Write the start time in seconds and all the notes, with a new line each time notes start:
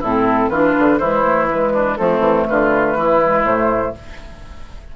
0.00 A2 C4 E4 A4
0.49 E3 D4 F4 B4
0.79 D3
0.98 E3 G#3 E4 C5
1.24 A3
1.50 G#3 B4
1.73 D4
1.97 F3 A3 C4 A4
2.19 E3
2.48 D3 F4 B4
2.96 E3 E4
3.22 G#3
3.43 A2 A3 C5